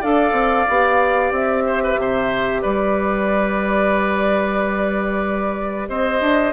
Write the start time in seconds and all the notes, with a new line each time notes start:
0.00 D4 A4 D5 F5
0.32 C4
0.67 B3 G4
1.31 C4 E5
1.66 C5
1.83 B4
1.97 C3 C5
2.62 G3 B4 D5
5.88 C4 C5 D#5
6.20 D4